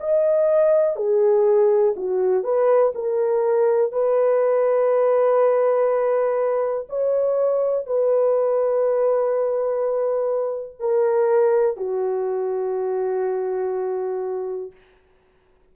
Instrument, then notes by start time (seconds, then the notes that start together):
horn
0.00 D#5
0.96 G#4
1.96 F#4
2.44 B4
2.95 A#4
3.92 B4
6.89 C#5
7.86 B4
10.80 A#4
11.77 F#4